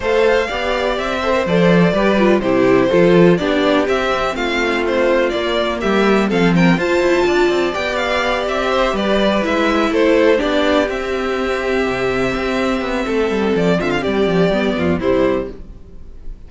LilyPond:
<<
  \new Staff \with { instrumentName = "violin" } { \time 4/4 \tempo 4 = 124 f''2 e''4 d''4~ | d''4 c''2 d''4 | e''4 f''4 c''4 d''4 | e''4 f''8 g''8 a''2 |
g''8 f''4 e''4 d''4 e''8~ | e''8 c''4 d''4 e''4.~ | e''1 | d''8 e''16 f''16 d''2 c''4 | }
  \new Staff \with { instrumentName = "violin" } { \time 4/4 c''4 d''4. c''4. | b'4 g'4 a'4 g'4~ | g'4 f'2. | g'4 a'8 ais'8 c''4 d''4~ |
d''2 c''8 b'4.~ | b'8 a'4 g'2~ g'8~ | g'2. a'4~ | a'8 f'8 g'4. f'8 e'4 | }
  \new Staff \with { instrumentName = "viola" } { \time 4/4 a'4 g'4. a'16 ais'16 a'4 | g'8 f'8 e'4 f'4 d'4 | c'2. ais4~ | ais4 c'4 f'2 |
g'2.~ g'8 e'8~ | e'4. d'4 c'4.~ | c'1~ | c'2 b4 g4 | }
  \new Staff \with { instrumentName = "cello" } { \time 4/4 a4 b4 c'4 f4 | g4 c4 f4 b4 | c'4 a2 ais4 | g4 f4 f'8 e'8 d'8 c'8 |
b4. c'4 g4 gis8~ | gis8 a4 b4 c'4.~ | c'8 c4 c'4 b8 a8 g8 | f8 d8 g8 f8 g8 f,8 c4 | }
>>